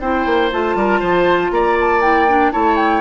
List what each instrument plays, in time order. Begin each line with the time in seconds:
0.00 bassoon C4, clarinet E4, oboe C5, flute G5
0.26 bassoon A#3
0.52 bassoon A3, clarinet F4, flute A5
0.76 bassoon G3, oboe A#4
1.00 bassoon F3, oboe C5
1.51 bassoon A#3, oboe D5, flute A#5
1.80 flute A5
2.01 clarinet E4, flute G5
2.28 clarinet D4
2.52 bassoon A3, clarinet E4, oboe C#5, flute A5
2.76 flute G5